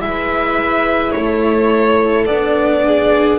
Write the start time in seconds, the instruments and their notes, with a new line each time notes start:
0.00 double bass G#3, cello E4, viola B4, violin E5
1.12 double bass A3, violin C#5
1.19 viola A4
2.26 double bass B3, cello D4, violin D5
2.85 viola G#4